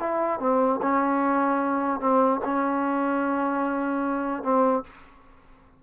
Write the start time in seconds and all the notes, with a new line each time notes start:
0.00 E4
0.40 C4
0.82 C#4
2.00 C4
2.45 C#4
4.43 C4